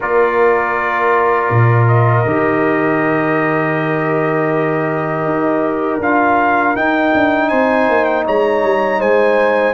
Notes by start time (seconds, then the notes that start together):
0.00 A#3 F4 A#4 D5
1.50 A#2
1.87 D#5
2.25 D#3 G4
5.24 D#4
5.99 D4 F4 F5
6.75 D#4 G5
7.14 D4
7.48 C4 C5 G#5
7.89 A#3
8.04 G5
8.25 G#3 C#5 A#5
8.63 G3
8.99 G#3 C5 G#5